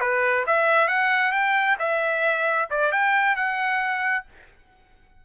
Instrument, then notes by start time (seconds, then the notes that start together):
trumpet
0.00 B4
0.46 E5
0.88 F#5
1.32 G5
1.79 E5
2.70 D5
2.92 G5
3.36 F#5